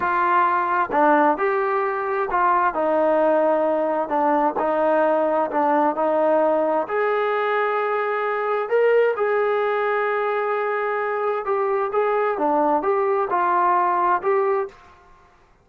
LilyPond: \new Staff \with { instrumentName = "trombone" } { \time 4/4 \tempo 4 = 131 f'2 d'4 g'4~ | g'4 f'4 dis'2~ | dis'4 d'4 dis'2 | d'4 dis'2 gis'4~ |
gis'2. ais'4 | gis'1~ | gis'4 g'4 gis'4 d'4 | g'4 f'2 g'4 | }